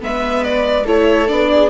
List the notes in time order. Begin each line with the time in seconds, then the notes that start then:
0.00 G#3 B3 B4 E5
0.44 D5
0.85 A3 E4 A4 C#5
1.28 B3 D4 D5
1.51 G#4